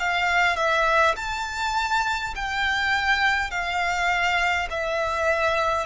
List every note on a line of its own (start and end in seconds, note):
0.00 0.57 F5
0.57 1.16 E5
1.17 2.34 A5
2.36 3.51 G5
3.51 4.69 F5
4.71 5.87 E5